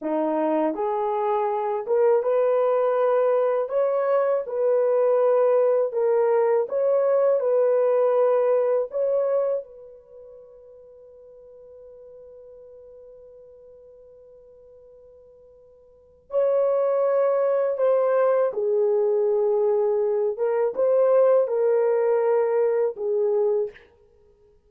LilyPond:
\new Staff \with { instrumentName = "horn" } { \time 4/4 \tempo 4 = 81 dis'4 gis'4. ais'8 b'4~ | b'4 cis''4 b'2 | ais'4 cis''4 b'2 | cis''4 b'2.~ |
b'1~ | b'2 cis''2 | c''4 gis'2~ gis'8 ais'8 | c''4 ais'2 gis'4 | }